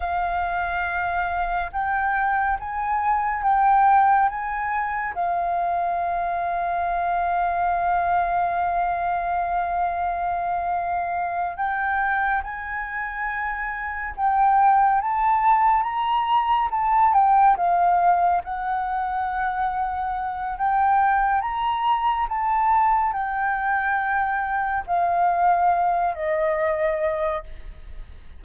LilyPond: \new Staff \with { instrumentName = "flute" } { \time 4/4 \tempo 4 = 70 f''2 g''4 gis''4 | g''4 gis''4 f''2~ | f''1~ | f''4. g''4 gis''4.~ |
gis''8 g''4 a''4 ais''4 a''8 | g''8 f''4 fis''2~ fis''8 | g''4 ais''4 a''4 g''4~ | g''4 f''4. dis''4. | }